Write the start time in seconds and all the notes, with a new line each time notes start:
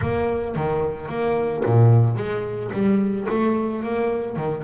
0.01 A#3
0.55 D#3
1.09 A#3
1.65 A#2
2.16 G#3
2.72 G3
3.29 A3
3.83 A#3
4.36 D#3